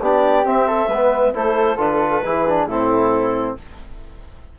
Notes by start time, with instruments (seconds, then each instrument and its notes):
0.00 bassoon B3, trombone D4, flute G4, clarinet D5
0.44 trombone C4, bassoon C4, clarinet E5
0.67 flute A4
0.87 bassoon G#3, trombone B3, flute B4
1.33 bassoon A3, trombone E4, flute A4, clarinet C5
1.77 bassoon D3, trombone F4, clarinet B4
2.23 bassoon E3, trombone E4, flute G#4
2.47 trombone D4
2.65 bassoon A2, trombone C4, flute E4, clarinet A4